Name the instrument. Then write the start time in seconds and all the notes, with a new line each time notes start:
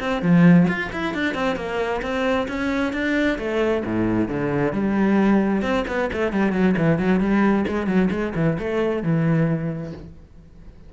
cello
0.00 C4
0.22 F3
0.68 F4
0.92 E4
1.14 D4
1.34 C4
1.56 A#3
2.02 C4
2.48 C#4
2.93 D4
3.38 A3
3.85 A2
4.28 D3
4.73 G3
5.62 C4
5.87 B3
6.13 A3
6.32 G3
6.52 F#3
6.77 E3
6.98 F#3
7.20 G3
7.67 G#3
7.87 F#3
8.10 G#3
8.35 E3
8.59 A3
9.03 E3